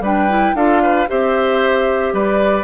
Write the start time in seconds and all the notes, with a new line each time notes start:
0.00 G3 D4 B4 G5
0.29 E4
0.54 D4 F4 A4 F5
0.82 B4
1.08 C4 G4 C5 E5
2.13 G3 B4 D5